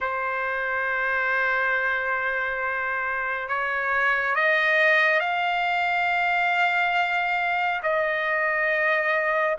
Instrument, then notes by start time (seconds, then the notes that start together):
trumpet
0.00 C5
3.48 C#5
4.35 D#5
5.20 F5
7.82 D#5